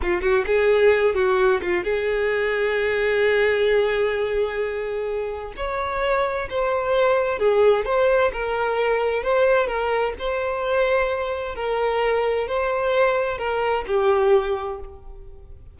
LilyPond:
\new Staff \with { instrumentName = "violin" } { \time 4/4 \tempo 4 = 130 f'8 fis'8 gis'4. fis'4 f'8 | gis'1~ | gis'1 | cis''2 c''2 |
gis'4 c''4 ais'2 | c''4 ais'4 c''2~ | c''4 ais'2 c''4~ | c''4 ais'4 g'2 | }